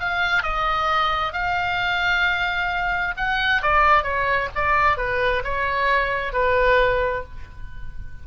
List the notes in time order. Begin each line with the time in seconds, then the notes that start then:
0.00 F5
0.43 D#5
1.33 F5
3.17 F#5
3.62 D5
4.03 C#5
4.55 D5
4.97 B4
5.44 C#5
6.33 B4